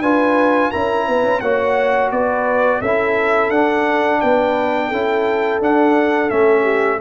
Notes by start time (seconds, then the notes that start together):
0.00 D4 F4 B4 G#5
0.71 C#4 E4 A#4 A#5
1.08 B3 B4
1.23 C#4
1.40 A#3 F#4 C#5 F#5
2.11 B3 B4 D5
2.80 C#4 E4 A4 E5
3.50 D4 F#5
4.20 B3 B4 G5
4.89 C#4 E4 A4
5.60 D4 F#5
6.29 A3 C#4 E5
6.63 G4